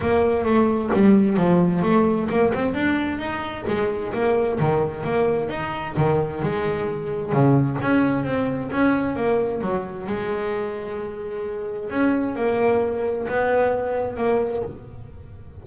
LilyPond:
\new Staff \with { instrumentName = "double bass" } { \time 4/4 \tempo 4 = 131 ais4 a4 g4 f4 | a4 ais8 c'8 d'4 dis'4 | gis4 ais4 dis4 ais4 | dis'4 dis4 gis2 |
cis4 cis'4 c'4 cis'4 | ais4 fis4 gis2~ | gis2 cis'4 ais4~ | ais4 b2 ais4 | }